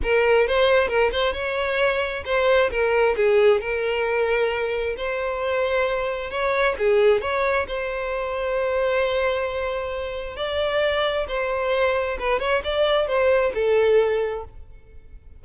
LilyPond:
\new Staff \with { instrumentName = "violin" } { \time 4/4 \tempo 4 = 133 ais'4 c''4 ais'8 c''8 cis''4~ | cis''4 c''4 ais'4 gis'4 | ais'2. c''4~ | c''2 cis''4 gis'4 |
cis''4 c''2.~ | c''2. d''4~ | d''4 c''2 b'8 cis''8 | d''4 c''4 a'2 | }